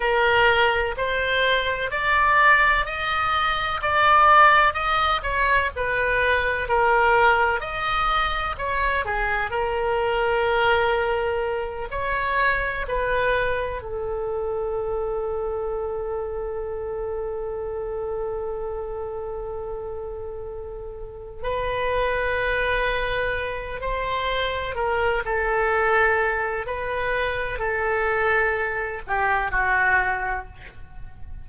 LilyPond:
\new Staff \with { instrumentName = "oboe" } { \time 4/4 \tempo 4 = 63 ais'4 c''4 d''4 dis''4 | d''4 dis''8 cis''8 b'4 ais'4 | dis''4 cis''8 gis'8 ais'2~ | ais'8 cis''4 b'4 a'4.~ |
a'1~ | a'2~ a'8 b'4.~ | b'4 c''4 ais'8 a'4. | b'4 a'4. g'8 fis'4 | }